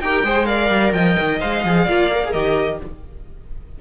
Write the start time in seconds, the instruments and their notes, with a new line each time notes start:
0.00 cello D#4, viola G4, violin A#4 G5
0.23 cello G#3, viola G#4, violin C5
0.45 viola A#4, violin D5 F5
0.70 cello G3
0.92 cello F3, violin D#5 G5
1.19 cello D#3
1.40 cello G#3, viola C5, violin F5
1.64 cello F3, viola G#4
1.83 cello A#3, viola F4, violin D5
2.12 viola A#4
2.24 viola G#4, violin A#4
2.32 cello D#3, viola G4, violin D#5